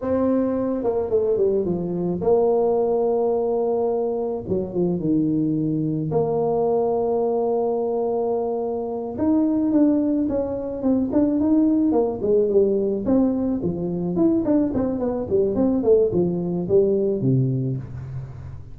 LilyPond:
\new Staff \with { instrumentName = "tuba" } { \time 4/4 \tempo 4 = 108 c'4. ais8 a8 g8 f4 | ais1 | fis8 f8 dis2 ais4~ | ais1~ |
ais8 dis'4 d'4 cis'4 c'8 | d'8 dis'4 ais8 gis8 g4 c'8~ | c'8 f4 e'8 d'8 c'8 b8 g8 | c'8 a8 f4 g4 c4 | }